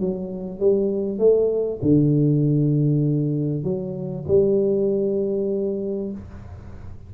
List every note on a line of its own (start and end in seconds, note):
0.00 0.60 F#3
0.60 1.19 G3
1.19 1.80 A3
1.82 3.63 D3
3.63 4.25 F#3
4.27 6.11 G3